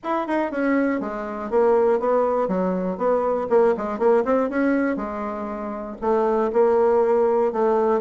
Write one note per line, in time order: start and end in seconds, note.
0.03 0.27 E4
0.27 0.51 D#4
0.51 1.00 C#4
1.00 1.50 G#3
1.50 1.99 A#3
1.99 2.48 B3
2.48 2.97 F#3
2.97 3.47 B3
3.49 3.74 A#3
3.77 3.99 G#3
3.99 4.24 A#3
4.25 4.49 C4
4.49 4.96 C#4
4.96 5.96 G#3
6.01 6.51 A3
6.52 7.52 A#3
7.52 8.00 A3